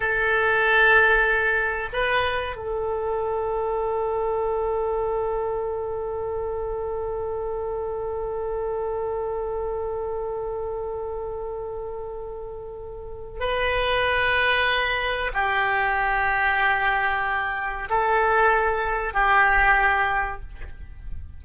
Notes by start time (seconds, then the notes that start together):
0.00 A4
1.93 B4
2.55 A4
13.40 B4
15.33 G4
17.89 A4
19.13 G4